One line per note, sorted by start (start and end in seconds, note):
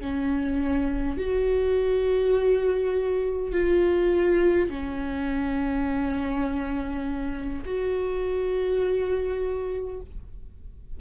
0.00 1.18 C#4
1.18 3.52 F#4
3.52 4.70 F4
4.70 7.64 C#4
7.65 10.00 F#4